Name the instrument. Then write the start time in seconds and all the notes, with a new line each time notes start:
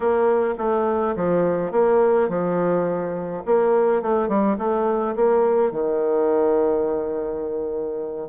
bassoon
0.00 A#3
0.58 A3
1.16 F3
1.71 A#3
2.29 F3
3.45 A#3
4.02 A3
4.28 G3
4.58 A3
5.15 A#3
5.71 D#3